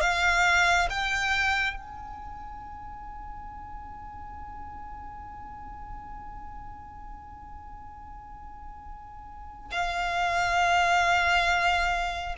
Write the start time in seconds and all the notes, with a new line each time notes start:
0.00 F5
0.89 G5
1.76 G#5
9.71 F5